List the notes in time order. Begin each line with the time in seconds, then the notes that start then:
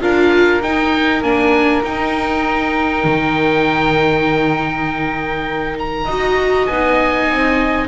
0.00 D4 F4 A#4 F5
0.61 D#4 G5
1.22 A#3 D4 G#5
1.83 D#4 G5
3.04 D#3
5.79 A#5
6.05 D#4 F#4 D#5
6.67 B3 D#4 G#5
7.29 C4